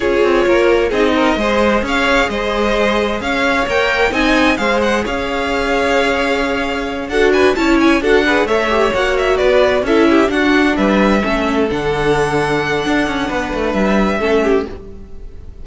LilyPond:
<<
  \new Staff \with { instrumentName = "violin" } { \time 4/4 \tempo 4 = 131 cis''2 dis''2 | f''4 dis''2 f''4 | g''4 gis''4 f''8 fis''8 f''4~ | f''2.~ f''8 fis''8 |
gis''8 a''8 gis''8 fis''4 e''4 fis''8 | e''8 d''4 e''4 fis''4 e''8~ | e''4. fis''2~ fis''8~ | fis''2 e''2 | }
  \new Staff \with { instrumentName = "violin" } { \time 4/4 gis'4 ais'4 gis'8 ais'8 c''4 | cis''4 c''2 cis''4~ | cis''4 dis''4 c''4 cis''4~ | cis''2.~ cis''8 a'8 |
b'8 cis''4 a'8 b'8 cis''4.~ | cis''8 b'4 a'8 g'8 fis'4 b'8~ | b'8 a'2.~ a'8~ | a'4 b'2 a'8 g'8 | }
  \new Staff \with { instrumentName = "viola" } { \time 4/4 f'2 dis'4 gis'4~ | gis'1 | ais'4 dis'4 gis'2~ | gis'2.~ gis'8 fis'8~ |
fis'8 e'4 fis'8 gis'8 a'8 g'8 fis'8~ | fis'4. e'4 d'4.~ | d'8 cis'4 d'2~ d'8~ | d'2. cis'4 | }
  \new Staff \with { instrumentName = "cello" } { \time 4/4 cis'8 c'8 ais4 c'4 gis4 | cis'4 gis2 cis'4 | ais4 c'4 gis4 cis'4~ | cis'2.~ cis'8 d'8~ |
d'8 cis'4 d'4 a4 ais8~ | ais8 b4 cis'4 d'4 g8~ | g8 a4 d2~ d8 | d'8 cis'8 b8 a8 g4 a4 | }
>>